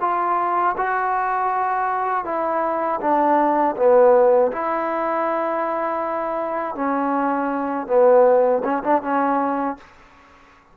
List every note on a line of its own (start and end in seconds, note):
0.00 0.75 F4
0.77 2.25 F#4
2.25 3.00 E4
3.00 3.75 D4
3.76 4.51 B3
4.51 6.75 E4
6.75 7.87 C#4
7.87 8.62 B3
8.64 8.82 C#4
8.83 9.02 D4
9.02 9.77 C#4